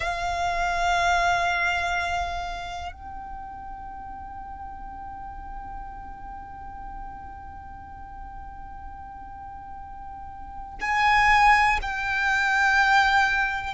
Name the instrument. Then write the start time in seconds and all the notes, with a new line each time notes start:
violin
0.00 F5
2.92 G5
10.81 G#5
11.82 G5